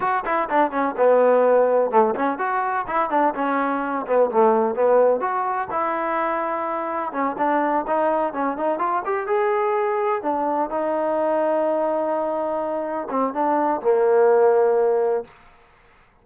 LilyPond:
\new Staff \with { instrumentName = "trombone" } { \time 4/4 \tempo 4 = 126 fis'8 e'8 d'8 cis'8 b2 | a8 cis'8 fis'4 e'8 d'8 cis'4~ | cis'8 b8 a4 b4 fis'4 | e'2. cis'8 d'8~ |
d'8 dis'4 cis'8 dis'8 f'8 g'8 gis'8~ | gis'4. d'4 dis'4.~ | dis'2.~ dis'8 c'8 | d'4 ais2. | }